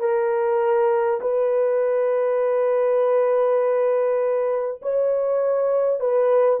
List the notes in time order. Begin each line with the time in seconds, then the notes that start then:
0.00 A#4
1.21 B4
4.82 C#5
5.99 B4